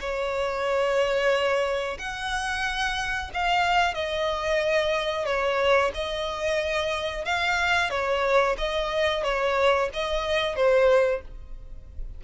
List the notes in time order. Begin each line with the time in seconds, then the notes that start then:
0.00 C#5
1.99 F#5
3.34 F5
3.94 D#5
5.25 C#5
5.94 D#5
7.25 F5
7.90 C#5
8.58 D#5
9.23 C#5
9.93 D#5
10.56 C5